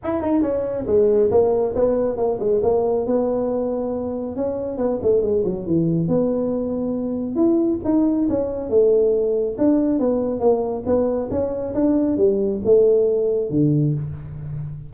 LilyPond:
\new Staff \with { instrumentName = "tuba" } { \time 4/4 \tempo 4 = 138 e'8 dis'8 cis'4 gis4 ais4 | b4 ais8 gis8 ais4 b4~ | b2 cis'4 b8 a8 | gis8 fis8 e4 b2~ |
b4 e'4 dis'4 cis'4 | a2 d'4 b4 | ais4 b4 cis'4 d'4 | g4 a2 d4 | }